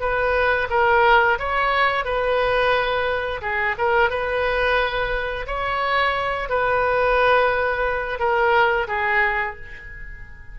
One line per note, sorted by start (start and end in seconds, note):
0.00 0.68 B4
0.70 1.39 A#4
1.39 2.05 C#5
2.05 3.41 B4
3.42 3.76 G#4
3.78 4.10 A#4
4.10 5.47 B4
5.47 6.50 C#5
6.50 8.19 B4
8.19 8.88 A#4
8.88 9.56 G#4